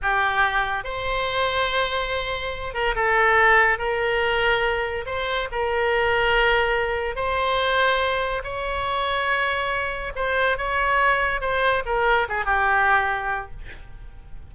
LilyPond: \new Staff \with { instrumentName = "oboe" } { \time 4/4 \tempo 4 = 142 g'2 c''2~ | c''2~ c''8 ais'8 a'4~ | a'4 ais'2. | c''4 ais'2.~ |
ais'4 c''2. | cis''1 | c''4 cis''2 c''4 | ais'4 gis'8 g'2~ g'8 | }